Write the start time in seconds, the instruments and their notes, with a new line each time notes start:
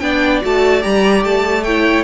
0.00 cello B3, viola D4, violin D5 G5
0.42 cello A3, viola F#4, violin A5
0.81 cello G3, viola G4, violin A#5
1.24 cello A3, violin A5
1.64 viola E4, violin C#5 G5